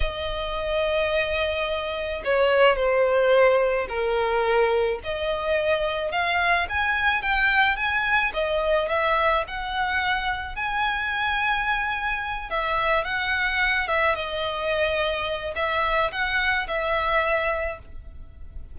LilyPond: \new Staff \with { instrumentName = "violin" } { \time 4/4 \tempo 4 = 108 dis''1 | cis''4 c''2 ais'4~ | ais'4 dis''2 f''4 | gis''4 g''4 gis''4 dis''4 |
e''4 fis''2 gis''4~ | gis''2~ gis''8 e''4 fis''8~ | fis''4 e''8 dis''2~ dis''8 | e''4 fis''4 e''2 | }